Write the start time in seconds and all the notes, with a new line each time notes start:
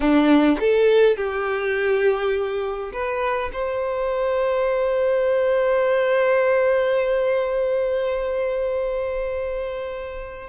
0.00 D4
0.60 A4
1.17 G4
2.92 B4
3.52 C5